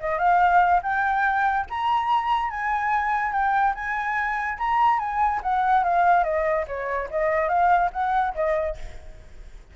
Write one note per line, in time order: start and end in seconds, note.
0.00 0.19 D#5
0.19 0.81 F5
0.82 1.66 G5
1.70 2.50 A#5
2.50 3.32 G#5
3.32 3.73 G5
3.74 4.58 G#5
4.58 4.99 A#5
4.99 5.40 G#5
5.42 5.84 F#5
5.84 6.24 F5
6.24 6.65 D#5
6.67 7.09 C#5
7.10 7.48 D#5
7.48 7.90 F5
7.93 8.34 F#5
8.34 8.76 D#5